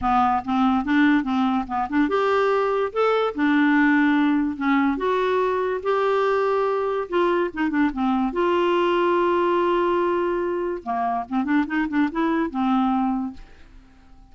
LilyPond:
\new Staff \with { instrumentName = "clarinet" } { \time 4/4 \tempo 4 = 144 b4 c'4 d'4 c'4 | b8 d'8 g'2 a'4 | d'2. cis'4 | fis'2 g'2~ |
g'4 f'4 dis'8 d'8 c'4 | f'1~ | f'2 ais4 c'8 d'8 | dis'8 d'8 e'4 c'2 | }